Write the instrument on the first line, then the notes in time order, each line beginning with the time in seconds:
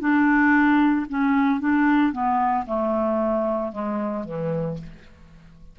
clarinet
0.00 D4
1.09 C#4
1.60 D4
2.12 B3
2.66 A3
3.72 G#3
4.25 E3